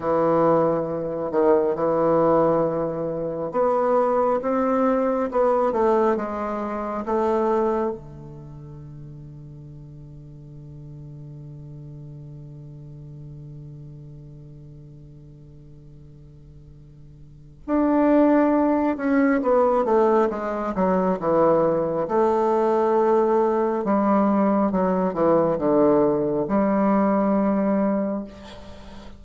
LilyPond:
\new Staff \with { instrumentName = "bassoon" } { \time 4/4 \tempo 4 = 68 e4. dis8 e2 | b4 c'4 b8 a8 gis4 | a4 d2.~ | d1~ |
d1 | d'4. cis'8 b8 a8 gis8 fis8 | e4 a2 g4 | fis8 e8 d4 g2 | }